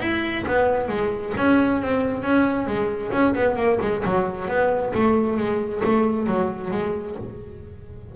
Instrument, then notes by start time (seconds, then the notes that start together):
double bass
0.00 E4
0.47 B3
0.88 G#3
1.37 C#4
1.82 C4
2.22 C#4
2.66 G#3
3.12 C#4
3.35 B3
3.56 A#3
3.81 G#3
4.04 F#3
4.48 B3
4.94 A3
5.37 G#3
5.84 A3
6.26 F#3
6.71 G#3